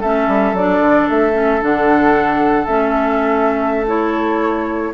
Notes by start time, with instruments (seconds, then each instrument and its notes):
0.00 bassoon A3, clarinet C#4, oboe A4, flute E5
0.28 bassoon G3
0.53 bassoon F#3, clarinet D4, flute D5
0.80 bassoon D3
1.09 bassoon A3, flute E5
1.33 clarinet C#4
1.61 bassoon D3, clarinet D4, flute F#5
2.66 bassoon A3, clarinet C#4, flute E5
3.87 clarinet E4, flute C#5